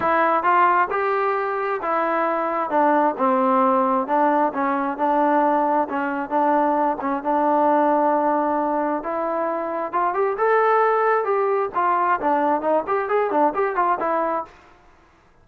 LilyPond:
\new Staff \with { instrumentName = "trombone" } { \time 4/4 \tempo 4 = 133 e'4 f'4 g'2 | e'2 d'4 c'4~ | c'4 d'4 cis'4 d'4~ | d'4 cis'4 d'4. cis'8 |
d'1 | e'2 f'8 g'8 a'4~ | a'4 g'4 f'4 d'4 | dis'8 g'8 gis'8 d'8 g'8 f'8 e'4 | }